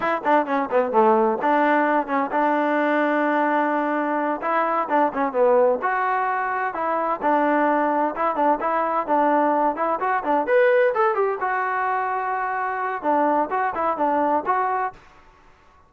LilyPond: \new Staff \with { instrumentName = "trombone" } { \time 4/4 \tempo 4 = 129 e'8 d'8 cis'8 b8 a4 d'4~ | d'8 cis'8 d'2.~ | d'4. e'4 d'8 cis'8 b8~ | b8 fis'2 e'4 d'8~ |
d'4. e'8 d'8 e'4 d'8~ | d'4 e'8 fis'8 d'8 b'4 a'8 | g'8 fis'2.~ fis'8 | d'4 fis'8 e'8 d'4 fis'4 | }